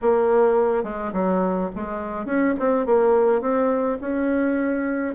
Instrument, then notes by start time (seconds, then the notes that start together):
bassoon
0.01 A#3
0.83 G#3
1.12 F#3
1.75 G#3
2.25 C#4
2.59 C4
2.86 A#3
3.41 C4
4.00 C#4